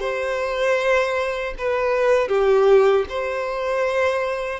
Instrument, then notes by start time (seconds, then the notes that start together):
violin
0.00 C5
1.58 B4
2.28 G4
3.09 C5